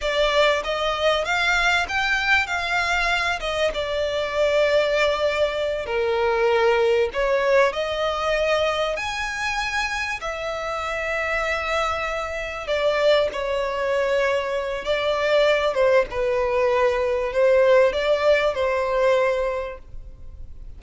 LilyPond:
\new Staff \with { instrumentName = "violin" } { \time 4/4 \tempo 4 = 97 d''4 dis''4 f''4 g''4 | f''4. dis''8 d''2~ | d''4. ais'2 cis''8~ | cis''8 dis''2 gis''4.~ |
gis''8 e''2.~ e''8~ | e''8 d''4 cis''2~ cis''8 | d''4. c''8 b'2 | c''4 d''4 c''2 | }